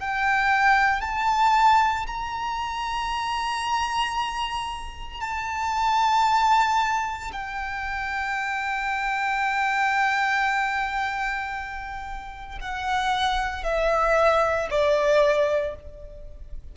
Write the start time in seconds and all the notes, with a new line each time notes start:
0.00 G5
1.01 A5
2.07 A#5
5.21 A5
7.33 G5
12.61 F#5
13.64 E5
14.71 D5